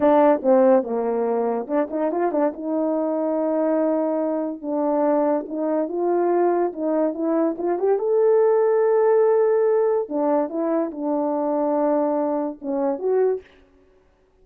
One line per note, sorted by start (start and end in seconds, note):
0.00 0.41 D4
0.42 0.83 C4
0.83 1.66 A#3
1.67 1.88 D4
1.90 2.11 D#4
2.11 2.31 F4
2.31 2.52 D4
2.53 4.61 D#4
4.61 5.45 D4
5.48 5.88 D#4
5.88 6.72 F4
6.72 7.14 D#4
7.14 7.56 E4
7.58 7.79 F4
7.79 7.99 G4
7.99 10.08 A4
10.08 10.49 D4
10.49 10.91 E4
10.91 12.59 D4
12.61 12.98 C#4
12.98 13.40 F#4